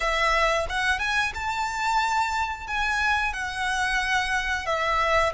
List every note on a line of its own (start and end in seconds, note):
0.00 0.66 E5
0.68 0.99 F#5
0.99 1.32 G#5
1.34 2.67 A5
2.67 3.33 G#5
3.33 4.66 F#5
4.66 5.32 E5